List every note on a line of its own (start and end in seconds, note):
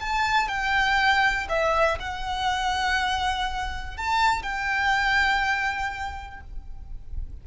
0.00 0.48 A5
0.48 1.48 G5
1.49 1.99 E5
2.00 3.98 F#5
3.98 4.43 A5
4.43 6.41 G5